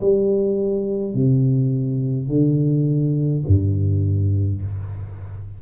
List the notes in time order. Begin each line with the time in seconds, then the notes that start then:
0.00 G3
1.14 C3
2.28 D3
3.47 G2